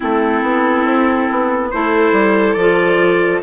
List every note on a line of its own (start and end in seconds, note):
0.00 0.42 A3
0.00 1.71 C4
0.00 1.71 E4
0.00 1.71 A4
0.42 0.85 B3
0.85 1.28 C4
1.30 1.73 B3
1.71 2.12 A3
1.71 2.57 E4
1.71 3.42 A4
1.71 2.53 C5
2.12 2.55 G3
2.53 3.41 F3
2.53 3.42 F4
2.53 3.39 D5